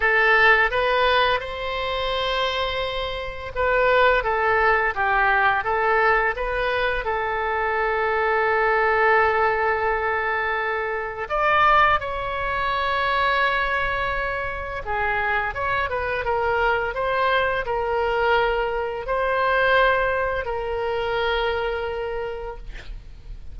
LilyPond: \new Staff \with { instrumentName = "oboe" } { \time 4/4 \tempo 4 = 85 a'4 b'4 c''2~ | c''4 b'4 a'4 g'4 | a'4 b'4 a'2~ | a'1 |
d''4 cis''2.~ | cis''4 gis'4 cis''8 b'8 ais'4 | c''4 ais'2 c''4~ | c''4 ais'2. | }